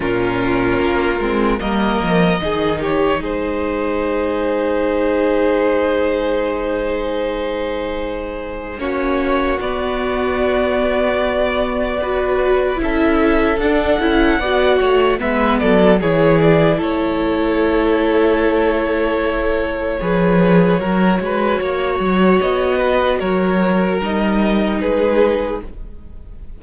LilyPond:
<<
  \new Staff \with { instrumentName = "violin" } { \time 4/4 \tempo 4 = 75 ais'2 dis''4. cis''8 | c''1~ | c''2. cis''4 | d''1 |
e''4 fis''2 e''8 d''8 | cis''8 d''8 cis''2.~ | cis''1 | dis''4 cis''4 dis''4 b'4 | }
  \new Staff \with { instrumentName = "violin" } { \time 4/4 f'2 ais'4 gis'8 g'8 | gis'1~ | gis'2. fis'4~ | fis'2. b'4 |
a'2 d''8 cis''8 b'8 a'8 | gis'4 a'2.~ | a'4 b'4 ais'8 b'8 cis''4~ | cis''8 b'8 ais'2 gis'4 | }
  \new Staff \with { instrumentName = "viola" } { \time 4/4 cis'4. c'8 ais4 dis'4~ | dis'1~ | dis'2. cis'4 | b2. fis'4 |
e'4 d'8 e'8 fis'4 b4 | e'1~ | e'4 gis'4 fis'2~ | fis'2 dis'2 | }
  \new Staff \with { instrumentName = "cello" } { \time 4/4 ais,4 ais8 gis8 g8 f8 dis4 | gis1~ | gis2. ais4 | b1 |
cis'4 d'8 cis'8 b8 a8 gis8 fis8 | e4 a2.~ | a4 f4 fis8 gis8 ais8 fis8 | b4 fis4 g4 gis4 | }
>>